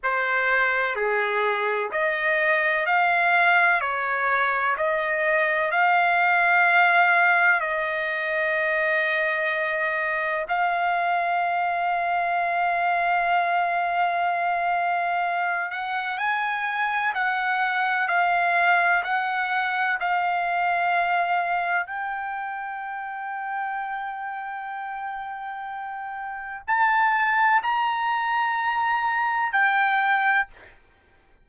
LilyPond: \new Staff \with { instrumentName = "trumpet" } { \time 4/4 \tempo 4 = 63 c''4 gis'4 dis''4 f''4 | cis''4 dis''4 f''2 | dis''2. f''4~ | f''1~ |
f''8 fis''8 gis''4 fis''4 f''4 | fis''4 f''2 g''4~ | g''1 | a''4 ais''2 g''4 | }